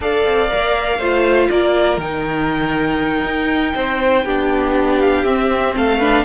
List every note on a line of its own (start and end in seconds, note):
0.00 0.23 D4
0.00 0.48 A4
0.00 0.98 D5
0.00 1.50 F5
0.25 0.50 C4
0.48 0.98 A#4
0.54 0.98 A#3
0.98 1.48 A3
0.98 2.00 F4
0.98 1.48 C5
1.50 1.97 A#3
1.50 3.74 A#4
1.50 2.00 D5
1.97 3.22 D#3
1.97 4.26 D#4
1.97 5.00 G5
3.23 3.73 D#4
3.74 4.24 C4
3.74 4.24 C5
4.24 5.24 B3
4.24 5.26 D4
4.24 5.74 G4
5.00 5.24 F5
5.24 5.74 C4
5.24 6.01 C4
5.24 5.74 E5
5.75 6.24 A3
5.75 5.99 A4
5.75 6.24 F5
5.99 6.24 D4
5.99 6.24 B4